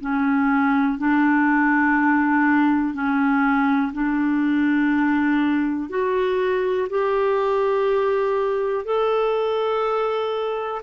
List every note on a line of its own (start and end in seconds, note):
0.00 0.98 C#4
0.98 2.93 D4
2.93 3.92 C#4
3.93 5.89 D4
5.89 6.88 F#4
6.89 8.85 G4
8.85 10.82 A4